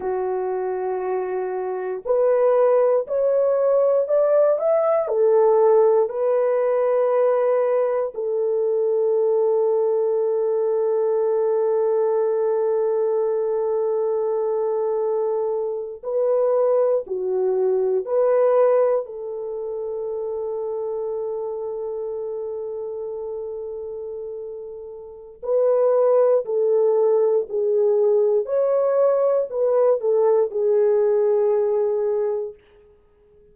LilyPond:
\new Staff \with { instrumentName = "horn" } { \time 4/4 \tempo 4 = 59 fis'2 b'4 cis''4 | d''8 e''8 a'4 b'2 | a'1~ | a'2.~ a'8. b'16~ |
b'8. fis'4 b'4 a'4~ a'16~ | a'1~ | a'4 b'4 a'4 gis'4 | cis''4 b'8 a'8 gis'2 | }